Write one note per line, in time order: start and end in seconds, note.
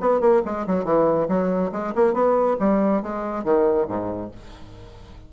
0.00 0.20 B3
0.20 0.42 A#3
0.45 0.66 G#3
0.67 0.84 F#3
0.84 1.27 E3
1.28 1.71 F#3
1.72 1.93 G#3
1.95 2.13 A#3
2.13 2.56 B3
2.60 3.02 G3
3.02 3.44 G#3
3.44 3.87 D#3
3.88 4.31 G#2